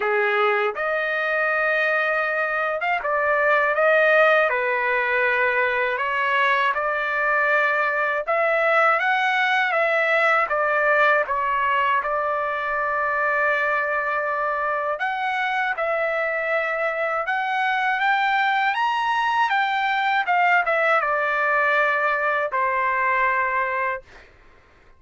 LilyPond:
\new Staff \with { instrumentName = "trumpet" } { \time 4/4 \tempo 4 = 80 gis'4 dis''2~ dis''8. f''16 | d''4 dis''4 b'2 | cis''4 d''2 e''4 | fis''4 e''4 d''4 cis''4 |
d''1 | fis''4 e''2 fis''4 | g''4 ais''4 g''4 f''8 e''8 | d''2 c''2 | }